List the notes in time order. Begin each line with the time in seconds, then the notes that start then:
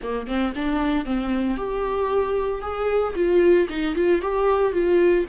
0.03 A#3
0.27 C4
0.55 D4
1.05 C4
1.57 G4
2.61 G#4
3.15 F4
3.69 D#4
3.95 F4
4.21 G4
4.72 F4